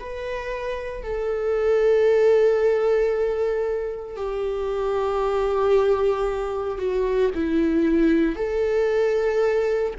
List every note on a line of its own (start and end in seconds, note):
0.00 1.04 B4
1.04 4.17 A4
4.17 6.78 G4
6.78 7.31 F#4
7.35 8.36 E4
8.36 9.94 A4